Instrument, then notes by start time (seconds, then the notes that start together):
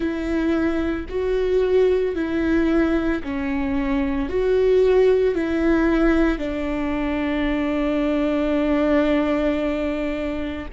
viola
0.00 E4
1.09 F#4
2.15 E4
3.23 C#4
4.29 F#4
5.35 E4
6.38 D4